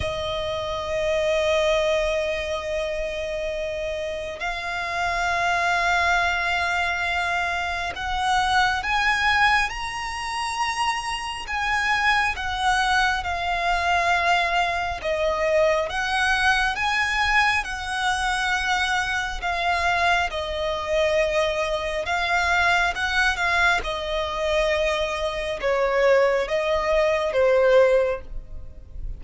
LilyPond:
\new Staff \with { instrumentName = "violin" } { \time 4/4 \tempo 4 = 68 dis''1~ | dis''4 f''2.~ | f''4 fis''4 gis''4 ais''4~ | ais''4 gis''4 fis''4 f''4~ |
f''4 dis''4 fis''4 gis''4 | fis''2 f''4 dis''4~ | dis''4 f''4 fis''8 f''8 dis''4~ | dis''4 cis''4 dis''4 c''4 | }